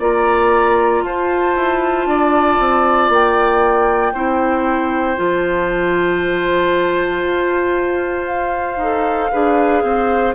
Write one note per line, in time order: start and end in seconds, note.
0.00 1.03 A#3
0.00 4.14 F4
0.00 1.03 D5
0.00 1.04 A#5
1.03 1.55 F4
1.03 2.09 C5
1.03 3.11 A5
1.56 2.06 E4
2.06 2.58 D4
2.06 4.14 D5
2.60 3.09 C4
3.09 4.13 A#3
3.09 5.18 G5
4.14 5.17 C4
4.14 5.16 E4
4.14 9.31 C5
5.16 7.23 F3
5.16 8.78 F4
5.16 8.28 A5
7.23 8.78 F4
8.28 10.34 F5
8.78 9.29 D#4
8.78 9.33 A4
9.32 9.83 D4
9.32 10.35 G#4
9.32 9.84 B4
9.83 10.35 C4
9.83 10.35 C5